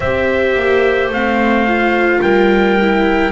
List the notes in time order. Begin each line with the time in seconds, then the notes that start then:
0.00 C4 G4 C5 E5
0.55 A#3
1.08 A3 C4 F5
1.67 F4
2.21 G3 A#4 G5
2.80 E4